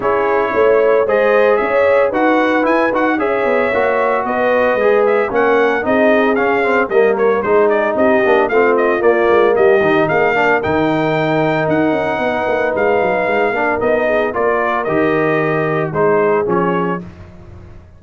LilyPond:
<<
  \new Staff \with { instrumentName = "trumpet" } { \time 4/4 \tempo 4 = 113 cis''2 dis''4 e''4 | fis''4 gis''8 fis''8 e''2 | dis''4. e''8 fis''4 dis''4 | f''4 dis''8 cis''8 c''8 d''8 dis''4 |
f''8 dis''8 d''4 dis''4 f''4 | g''2 fis''2 | f''2 dis''4 d''4 | dis''2 c''4 cis''4 | }
  \new Staff \with { instrumentName = "horn" } { \time 4/4 gis'4 cis''4 c''4 cis''4 | b'2 cis''2 | b'2 ais'4 gis'4~ | gis'4 ais'4 gis'4 g'4 |
f'2 g'4 gis'8 ais'8~ | ais'2. b'4~ | b'4. ais'4 gis'8 ais'4~ | ais'2 gis'2 | }
  \new Staff \with { instrumentName = "trombone" } { \time 4/4 e'2 gis'2 | fis'4 e'8 fis'8 gis'4 fis'4~ | fis'4 gis'4 cis'4 dis'4 | cis'8 c'8 ais4 dis'4. d'8 |
c'4 ais4. dis'4 d'8 | dis'1~ | dis'4. d'8 dis'4 f'4 | g'2 dis'4 cis'4 | }
  \new Staff \with { instrumentName = "tuba" } { \time 4/4 cis'4 a4 gis4 cis'4 | dis'4 e'8 dis'8 cis'8 b8 ais4 | b4 gis4 ais4 c'4 | cis'4 g4 gis4 c'8 ais8 |
a4 ais8 gis8 g8 dis8 ais4 | dis2 dis'8 cis'8 b8 ais8 | gis8 fis8 gis8 ais8 b4 ais4 | dis2 gis4 f4 | }
>>